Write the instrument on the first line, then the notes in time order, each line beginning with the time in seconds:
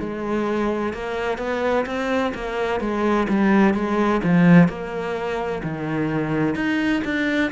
cello
0.00 G#3
0.93 A#3
1.38 B3
1.86 C4
2.35 A#3
2.80 G#3
3.29 G3
3.74 G#3
4.24 F3
4.69 A#3
5.63 D#3
6.55 D#4
7.04 D4